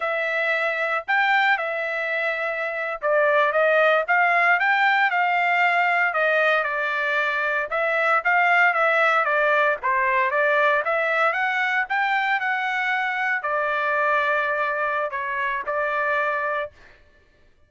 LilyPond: \new Staff \with { instrumentName = "trumpet" } { \time 4/4 \tempo 4 = 115 e''2 g''4 e''4~ | e''4.~ e''16 d''4 dis''4 f''16~ | f''8. g''4 f''2 dis''16~ | dis''8. d''2 e''4 f''16~ |
f''8. e''4 d''4 c''4 d''16~ | d''8. e''4 fis''4 g''4 fis''16~ | fis''4.~ fis''16 d''2~ d''16~ | d''4 cis''4 d''2 | }